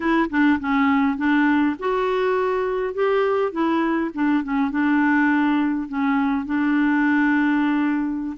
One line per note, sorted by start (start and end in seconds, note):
0.00 0.29 E4
0.29 0.59 D4
0.60 1.17 C#4
1.17 1.75 D4
1.79 2.94 F#4
2.94 3.52 G4
3.52 4.10 E4
4.14 4.43 D4
4.43 4.71 C#4
4.71 5.88 D4
5.88 6.45 C#4
6.45 8.36 D4